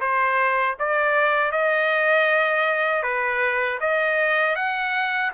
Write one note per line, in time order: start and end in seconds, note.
0.00 0.76 C5
0.79 1.52 D5
1.52 3.03 D#5
3.03 3.79 B4
3.80 4.55 D#5
4.55 5.31 F#5